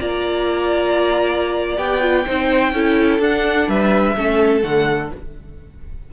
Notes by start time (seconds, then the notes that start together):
0.00 A#3 F4 D5 A#5
1.78 B3 G4 G5
2.01 F4
2.26 C4 D#4 C5
2.73 C#4 E4 A4
3.19 D4 F#5
3.68 G3 B4 E5
4.16 A3 C#4 A4
4.62 D3 A3 F#5